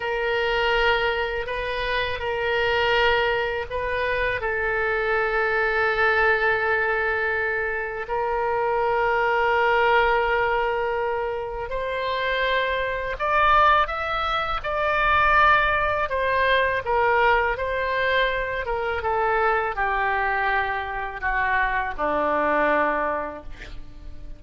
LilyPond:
\new Staff \with { instrumentName = "oboe" } { \time 4/4 \tempo 4 = 82 ais'2 b'4 ais'4~ | ais'4 b'4 a'2~ | a'2. ais'4~ | ais'1 |
c''2 d''4 e''4 | d''2 c''4 ais'4 | c''4. ais'8 a'4 g'4~ | g'4 fis'4 d'2 | }